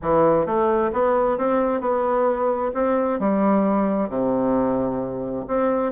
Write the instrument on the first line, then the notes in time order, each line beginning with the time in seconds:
bassoon
0.02 E3
0.45 A3
0.92 B3
1.38 C4
1.80 B3
2.74 C4
3.19 G3
4.09 C3
5.47 C4